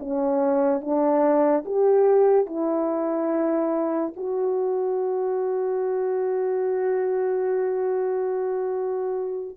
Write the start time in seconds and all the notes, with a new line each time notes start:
0.00 C#4
0.81 D4
1.66 G4
2.47 E4
4.17 F#4